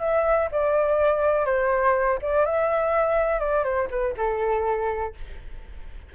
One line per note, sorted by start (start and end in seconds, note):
0.00 0.49 E5
0.52 1.46 D5
1.46 2.19 C5
2.22 2.46 D5
2.46 3.40 E5
3.40 3.64 D5
3.64 3.88 C5
3.90 4.15 B4
4.17 5.15 A4